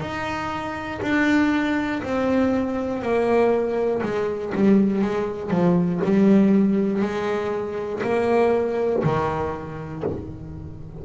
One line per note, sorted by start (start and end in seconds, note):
0.00 1.00 D#4
1.02 2.02 D4
2.03 3.02 C4
3.02 4.02 A#3
4.03 4.53 G#3
4.55 5.02 G3
5.02 5.50 G#3
5.50 6.00 F3
6.04 7.02 G3
7.02 8.02 G#3
8.03 9.03 A#3
9.04 10.04 D#3